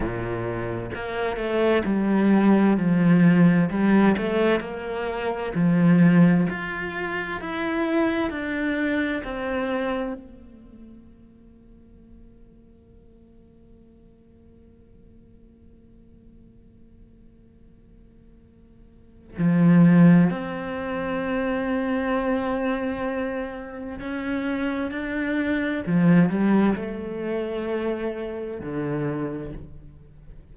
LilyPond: \new Staff \with { instrumentName = "cello" } { \time 4/4 \tempo 4 = 65 ais,4 ais8 a8 g4 f4 | g8 a8 ais4 f4 f'4 | e'4 d'4 c'4 ais4~ | ais1~ |
ais1~ | ais4 f4 c'2~ | c'2 cis'4 d'4 | f8 g8 a2 d4 | }